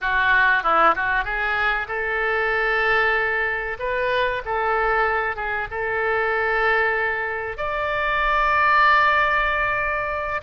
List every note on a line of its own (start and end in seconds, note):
0.01 0.63 F#4
0.63 0.94 E4
0.95 1.24 F#4
1.24 1.87 G#4
1.88 3.77 A4
3.79 4.42 B4
4.45 5.36 A4
5.36 5.67 G#4
5.70 7.57 A4
7.57 10.41 D5